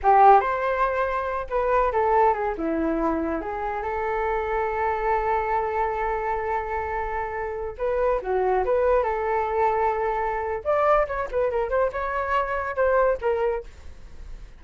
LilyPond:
\new Staff \with { instrumentName = "flute" } { \time 4/4 \tempo 4 = 141 g'4 c''2~ c''8 b'8~ | b'8 a'4 gis'8 e'2 | gis'4 a'2.~ | a'1~ |
a'2~ a'16 b'4 fis'8.~ | fis'16 b'4 a'2~ a'8.~ | a'4 d''4 cis''8 b'8 ais'8 c''8 | cis''2 c''4 ais'4 | }